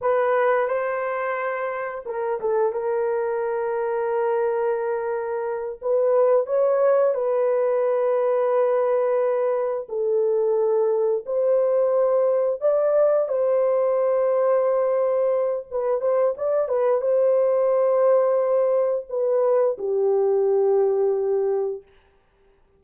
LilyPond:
\new Staff \with { instrumentName = "horn" } { \time 4/4 \tempo 4 = 88 b'4 c''2 ais'8 a'8 | ais'1~ | ais'8 b'4 cis''4 b'4.~ | b'2~ b'8 a'4.~ |
a'8 c''2 d''4 c''8~ | c''2. b'8 c''8 | d''8 b'8 c''2. | b'4 g'2. | }